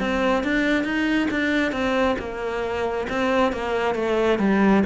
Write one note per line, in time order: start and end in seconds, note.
0.00 0.44 C4
0.44 0.84 D4
0.84 1.28 D#4
1.31 1.72 D4
1.72 2.16 C4
2.19 3.07 A#3
3.10 3.53 C4
3.53 3.95 A#3
3.95 4.39 A3
4.39 4.83 G3